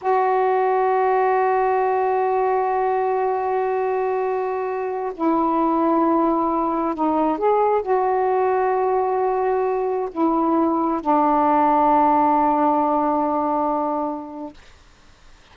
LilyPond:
\new Staff \with { instrumentName = "saxophone" } { \time 4/4 \tempo 4 = 132 fis'1~ | fis'1~ | fis'2.~ fis'16 e'8.~ | e'2.~ e'16 dis'8.~ |
dis'16 gis'4 fis'2~ fis'8.~ | fis'2~ fis'16 e'4.~ e'16~ | e'16 d'2.~ d'8.~ | d'1 | }